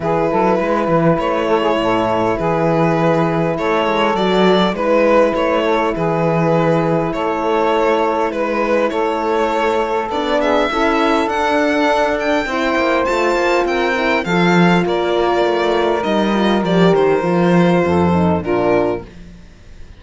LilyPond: <<
  \new Staff \with { instrumentName = "violin" } { \time 4/4 \tempo 4 = 101 b'2 cis''2 | b'2 cis''4 d''4 | b'4 cis''4 b'2 | cis''2 b'4 cis''4~ |
cis''4 d''8 e''4. fis''4~ | fis''8 g''4. a''4 g''4 | f''4 d''2 dis''4 | d''8 c''2~ c''8 ais'4 | }
  \new Staff \with { instrumentName = "saxophone" } { \time 4/4 gis'8 a'8 b'4. a'16 gis'16 a'4 | gis'2 a'2 | b'4. a'8 gis'2 | a'2 b'4 a'4~ |
a'4. gis'8 a'2~ | a'4 c''2 ais'4 | a'4 ais'2.~ | ais'2 a'4 f'4 | }
  \new Staff \with { instrumentName = "horn" } { \time 4/4 e'1~ | e'2. fis'4 | e'1~ | e'1~ |
e'4 d'4 e'4 d'4~ | d'4 e'4 f'4. e'8 | f'2. dis'8 f'8 | g'4 f'4. dis'8 d'4 | }
  \new Staff \with { instrumentName = "cello" } { \time 4/4 e8 fis8 gis8 e8 a4 a,4 | e2 a8 gis8 fis4 | gis4 a4 e2 | a2 gis4 a4~ |
a4 b4 cis'4 d'4~ | d'4 c'8 ais8 a8 ais8 c'4 | f4 ais4 a4 g4 | f8 dis8 f4 f,4 ais,4 | }
>>